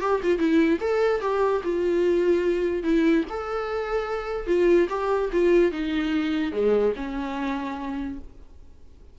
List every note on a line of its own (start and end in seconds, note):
0.00 0.20 G4
0.22 0.38 F4
0.38 0.79 E4
0.80 1.21 A4
1.21 1.62 G4
1.63 2.83 F4
2.83 3.24 E4
3.29 4.47 A4
4.47 4.88 F4
4.89 5.30 G4
5.32 5.71 F4
5.71 6.52 D#4
6.52 6.92 G#3
6.96 8.18 C#4